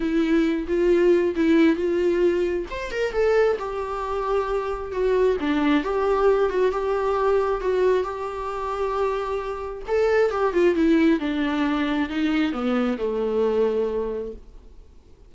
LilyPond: \new Staff \with { instrumentName = "viola" } { \time 4/4 \tempo 4 = 134 e'4. f'4. e'4 | f'2 c''8 ais'8 a'4 | g'2. fis'4 | d'4 g'4. fis'8 g'4~ |
g'4 fis'4 g'2~ | g'2 a'4 g'8 f'8 | e'4 d'2 dis'4 | b4 a2. | }